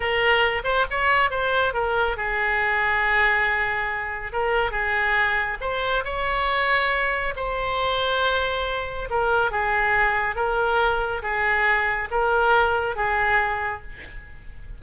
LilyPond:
\new Staff \with { instrumentName = "oboe" } { \time 4/4 \tempo 4 = 139 ais'4. c''8 cis''4 c''4 | ais'4 gis'2.~ | gis'2 ais'4 gis'4~ | gis'4 c''4 cis''2~ |
cis''4 c''2.~ | c''4 ais'4 gis'2 | ais'2 gis'2 | ais'2 gis'2 | }